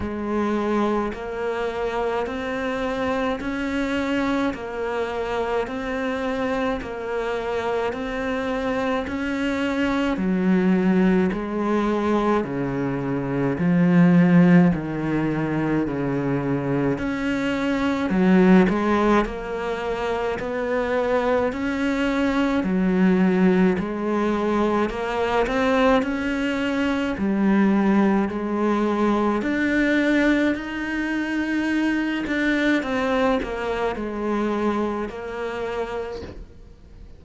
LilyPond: \new Staff \with { instrumentName = "cello" } { \time 4/4 \tempo 4 = 53 gis4 ais4 c'4 cis'4 | ais4 c'4 ais4 c'4 | cis'4 fis4 gis4 cis4 | f4 dis4 cis4 cis'4 |
fis8 gis8 ais4 b4 cis'4 | fis4 gis4 ais8 c'8 cis'4 | g4 gis4 d'4 dis'4~ | dis'8 d'8 c'8 ais8 gis4 ais4 | }